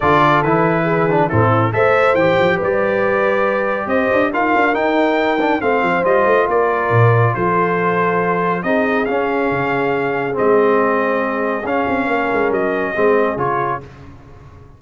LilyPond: <<
  \new Staff \with { instrumentName = "trumpet" } { \time 4/4 \tempo 4 = 139 d''4 b'2 a'4 | e''4 g''4 d''2~ | d''4 dis''4 f''4 g''4~ | g''4 f''4 dis''4 d''4~ |
d''4 c''2. | dis''4 f''2. | dis''2. f''4~ | f''4 dis''2 cis''4 | }
  \new Staff \with { instrumentName = "horn" } { \time 4/4 a'2 gis'4 e'4 | c''2 b'2~ | b'4 c''4 ais'2~ | ais'4 c''2 ais'4~ |
ais'4 a'2. | gis'1~ | gis'1 | ais'2 gis'2 | }
  \new Staff \with { instrumentName = "trombone" } { \time 4/4 f'4 e'4. d'8 c'4 | a'4 g'2.~ | g'2 f'4 dis'4~ | dis'8 d'8 c'4 f'2~ |
f'1 | dis'4 cis'2. | c'2. cis'4~ | cis'2 c'4 f'4 | }
  \new Staff \with { instrumentName = "tuba" } { \time 4/4 d4 e2 a,4 | a4 e8 f8 g2~ | g4 c'8 d'8 dis'8 d'8 dis'4~ | dis'4 a8 f8 g8 a8 ais4 |
ais,4 f2. | c'4 cis'4 cis2 | gis2. cis'8 c'8 | ais8 gis8 fis4 gis4 cis4 | }
>>